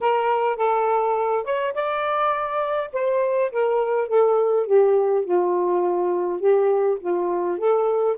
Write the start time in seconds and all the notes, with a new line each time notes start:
0.01 A#4
0.56 A4
1.44 C#5
1.73 D5
2.93 C5
3.51 A#4
4.08 A4
4.66 G4
5.24 F4
6.39 G4
7.00 F4
7.58 A4